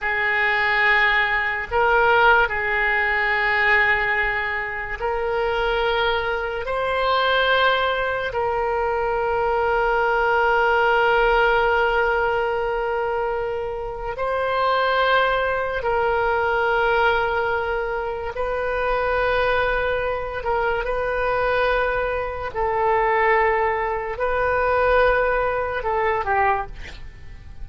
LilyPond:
\new Staff \with { instrumentName = "oboe" } { \time 4/4 \tempo 4 = 72 gis'2 ais'4 gis'4~ | gis'2 ais'2 | c''2 ais'2~ | ais'1~ |
ais'4 c''2 ais'4~ | ais'2 b'2~ | b'8 ais'8 b'2 a'4~ | a'4 b'2 a'8 g'8 | }